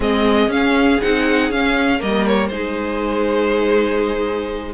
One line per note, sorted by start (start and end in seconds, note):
0.00 0.48 G#3
0.00 0.49 C4
0.00 1.99 G#4
0.00 0.51 D#5
0.48 0.98 C#4
0.48 1.00 C#4
0.48 1.01 F5
1.01 1.50 C4
1.01 1.51 D#4
1.01 1.51 F#5
1.50 2.00 C#4
1.50 1.99 C#4
1.50 2.01 F5
1.99 2.49 G3
1.99 2.49 A#3
1.99 2.49 A#4
1.99 2.26 D#5
2.26 2.47 C#5
2.47 4.73 G#3
2.47 4.73 D#4
2.47 4.73 G#4
2.47 4.72 C5